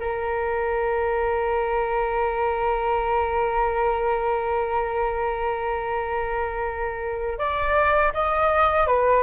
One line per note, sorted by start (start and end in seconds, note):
0.00 7.39 A#4
7.39 8.13 D5
8.14 8.87 D#5
8.87 9.24 B4